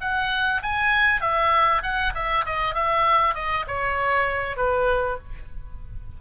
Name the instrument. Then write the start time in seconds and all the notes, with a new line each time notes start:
oboe
0.00 F#5
0.62 G#5
1.21 E5
1.82 F#5
2.14 E5
2.45 D#5
2.74 E5
3.34 D#5
3.67 C#5
4.56 B4